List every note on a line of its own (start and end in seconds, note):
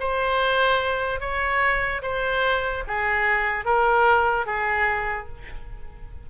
0.00 1.20 C5
1.20 2.02 C#5
2.02 2.84 C5
2.88 3.65 G#4
3.65 4.46 A#4
4.46 5.28 G#4